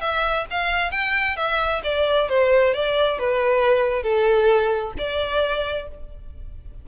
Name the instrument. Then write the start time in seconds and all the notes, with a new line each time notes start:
violin
0.00 E5
0.50 F5
0.91 G5
1.36 E5
1.83 D5
2.29 C5
2.74 D5
3.19 B4
4.02 A4
4.97 D5